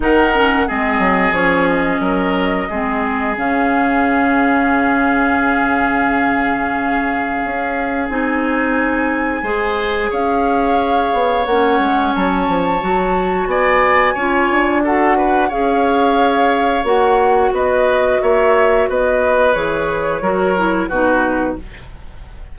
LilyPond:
<<
  \new Staff \with { instrumentName = "flute" } { \time 4/4 \tempo 4 = 89 fis''4 dis''4 cis''8 dis''4.~ | dis''4 f''2.~ | f''1 | gis''2. f''4~ |
f''4 fis''4 a''2 | gis''2 fis''4 f''4~ | f''4 fis''4 dis''4 e''4 | dis''4 cis''2 b'4 | }
  \new Staff \with { instrumentName = "oboe" } { \time 4/4 ais'4 gis'2 ais'4 | gis'1~ | gis'1~ | gis'2 c''4 cis''4~ |
cis''1 | d''4 cis''4 a'8 b'8 cis''4~ | cis''2 b'4 cis''4 | b'2 ais'4 fis'4 | }
  \new Staff \with { instrumentName = "clarinet" } { \time 4/4 dis'8 cis'8 c'4 cis'2 | c'4 cis'2.~ | cis'1 | dis'2 gis'2~ |
gis'4 cis'2 fis'4~ | fis'4 f'4 fis'4 gis'4~ | gis'4 fis'2.~ | fis'4 gis'4 fis'8 e'8 dis'4 | }
  \new Staff \with { instrumentName = "bassoon" } { \time 4/4 dis4 gis8 fis8 f4 fis4 | gis4 cis2.~ | cis2. cis'4 | c'2 gis4 cis'4~ |
cis'8 b8 ais8 gis8 fis8 f8 fis4 | b4 cis'8 d'4. cis'4~ | cis'4 ais4 b4 ais4 | b4 e4 fis4 b,4 | }
>>